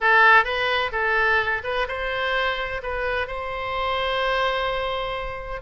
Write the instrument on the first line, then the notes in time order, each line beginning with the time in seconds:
oboe
0.00 A4
0.44 B4
0.91 A4
1.63 B4
1.87 C5
2.82 B4
3.27 C5